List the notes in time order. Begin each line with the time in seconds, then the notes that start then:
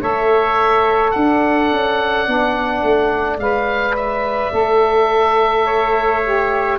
0.00 A3 A4 C#5 E5
1.10 D4 D5 F#5
1.71 C#4
2.26 B3 D4
2.82 A3
3.37 G#3 B4 F5
3.96 E5
4.51 A3 A4
5.65 C#5
6.24 G4